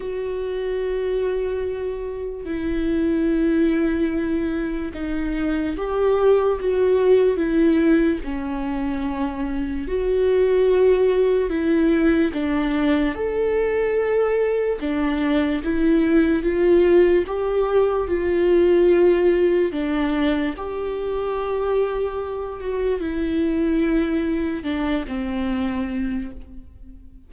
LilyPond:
\new Staff \with { instrumentName = "viola" } { \time 4/4 \tempo 4 = 73 fis'2. e'4~ | e'2 dis'4 g'4 | fis'4 e'4 cis'2 | fis'2 e'4 d'4 |
a'2 d'4 e'4 | f'4 g'4 f'2 | d'4 g'2~ g'8 fis'8 | e'2 d'8 c'4. | }